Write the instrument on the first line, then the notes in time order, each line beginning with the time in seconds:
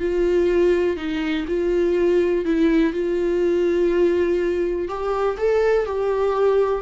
viola
0.00 F4
0.97 D#4
1.48 F4
2.45 E4
2.93 F4
4.88 G4
5.37 A4
5.86 G4